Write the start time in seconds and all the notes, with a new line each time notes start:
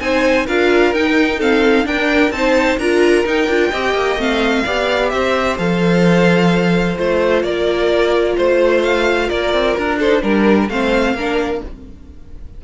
0.00 C4 D#4 C5 G#5
0.47 D4 F4 A#4 F5
0.93 D#4 G5
1.38 C4 A4 F5
1.84 D4 A#4 G5
2.31 C4 D#4 C5 A5
2.78 D4 F4 A#4 A#5
3.25 D#4 G5
3.48 D4 F4
3.71 C4 G4 D#5
3.94 A#3
4.16 A3 C4 F5
4.65 B3 G4 D5
5.10 C4 C5 E5
5.58 F3 A4 F5
6.97 A3 F4 C5
7.43 A#3 A#4 D5
8.37 A3 C5
8.83 F5
9.28 A#3 A#4 D5
9.54 C4
9.76 D4 A#4
9.99 D#4 A4 C5
10.22 G3 D4 A#4
10.69 A3 C4 C5 F5
11.15 A#3 D4 A#4